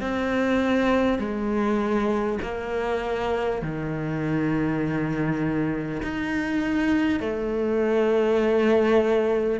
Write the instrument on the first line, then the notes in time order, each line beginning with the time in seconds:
cello
0.00 C4
1.18 G#3
2.42 A#3
3.62 D#3
6.02 D#4
7.20 A3